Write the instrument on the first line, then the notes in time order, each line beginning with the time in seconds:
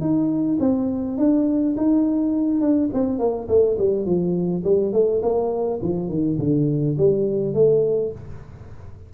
tuba
0.00 D#4
0.60 C4
1.17 D4
1.76 D#4
2.61 D4
2.93 C4
3.18 A#3
3.48 A3
3.78 G3
4.05 F3
4.64 G3
4.93 A3
5.22 A#3
5.82 F3
6.08 D#3
6.39 D3
6.97 G3
7.54 A3